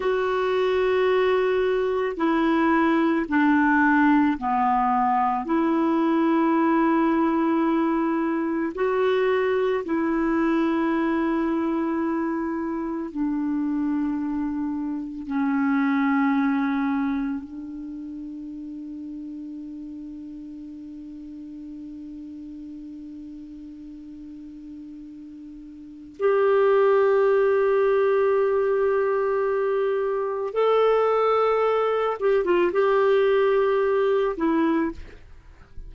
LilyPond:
\new Staff \with { instrumentName = "clarinet" } { \time 4/4 \tempo 4 = 55 fis'2 e'4 d'4 | b4 e'2. | fis'4 e'2. | d'2 cis'2 |
d'1~ | d'1 | g'1 | a'4. g'16 f'16 g'4. e'8 | }